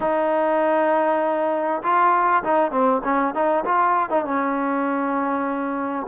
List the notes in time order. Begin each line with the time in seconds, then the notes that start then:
0.00 D#4
1.82 F4
2.43 D#4
2.71 C4
3.04 C#4
3.34 D#4
3.64 F4
4.09 D#4
4.25 C#4